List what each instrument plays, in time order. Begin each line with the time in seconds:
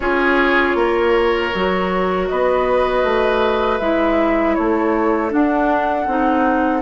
0.00 bassoon C#4, clarinet F4, oboe G#4, flute C#5
0.74 bassoon A#3, oboe A#4
1.54 bassoon F#3, clarinet F#4
2.28 bassoon B3, oboe B4, flute D#5
3.03 bassoon A3
3.78 bassoon G#3, clarinet E4, flute E5
4.55 bassoon A3, oboe A4, flute C#5
5.29 clarinet D4, bassoon D4, flute F#5
6.07 bassoon C4, clarinet D#4